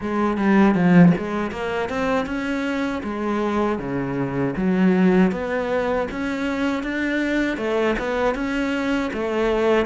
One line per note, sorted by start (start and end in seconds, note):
0.00 0.37 G#3
0.37 0.74 G3
0.74 1.12 F3
1.17 1.51 G#3
1.51 1.89 A#3
1.89 2.26 C4
2.26 3.02 C#4
3.03 3.78 G#3
3.78 4.54 C#3
4.56 5.31 F#3
5.31 6.07 B3
6.11 6.83 C#4
6.83 7.57 D4
7.57 7.95 A3
7.99 8.34 B3
8.34 9.10 C#4
9.13 9.86 A3